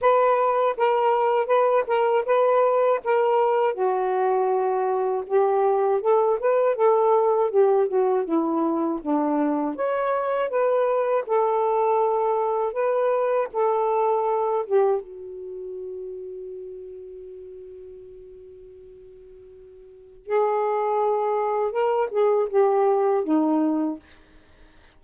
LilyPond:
\new Staff \with { instrumentName = "saxophone" } { \time 4/4 \tempo 4 = 80 b'4 ais'4 b'8 ais'8 b'4 | ais'4 fis'2 g'4 | a'8 b'8 a'4 g'8 fis'8 e'4 | d'4 cis''4 b'4 a'4~ |
a'4 b'4 a'4. g'8 | fis'1~ | fis'2. gis'4~ | gis'4 ais'8 gis'8 g'4 dis'4 | }